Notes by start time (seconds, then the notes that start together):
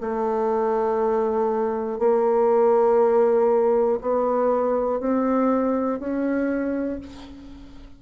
0.00 A3
1.99 A#3
4.00 B3
5.00 C4
5.99 C#4